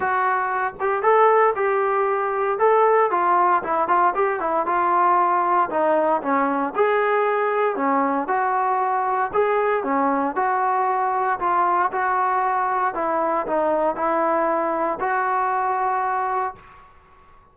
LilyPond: \new Staff \with { instrumentName = "trombone" } { \time 4/4 \tempo 4 = 116 fis'4. g'8 a'4 g'4~ | g'4 a'4 f'4 e'8 f'8 | g'8 e'8 f'2 dis'4 | cis'4 gis'2 cis'4 |
fis'2 gis'4 cis'4 | fis'2 f'4 fis'4~ | fis'4 e'4 dis'4 e'4~ | e'4 fis'2. | }